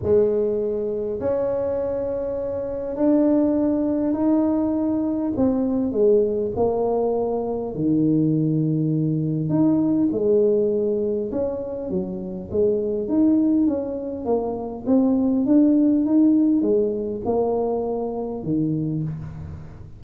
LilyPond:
\new Staff \with { instrumentName = "tuba" } { \time 4/4 \tempo 4 = 101 gis2 cis'2~ | cis'4 d'2 dis'4~ | dis'4 c'4 gis4 ais4~ | ais4 dis2. |
dis'4 gis2 cis'4 | fis4 gis4 dis'4 cis'4 | ais4 c'4 d'4 dis'4 | gis4 ais2 dis4 | }